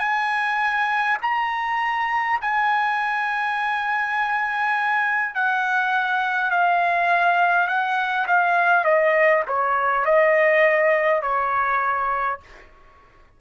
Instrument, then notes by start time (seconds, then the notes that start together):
trumpet
0.00 G#5
1.22 A#5
2.42 G#5
5.35 F#5
6.51 F5
7.68 F#5
8.28 F5
8.84 D#5
9.48 C#5
10.05 D#5
11.22 C#5